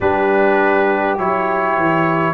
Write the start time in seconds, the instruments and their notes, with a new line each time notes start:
0.00 tuba G3, trombone D4, horn G4, trumpet B4
1.17 tuba F#3, trombone E4, trumpet C#5
1.76 tuba E3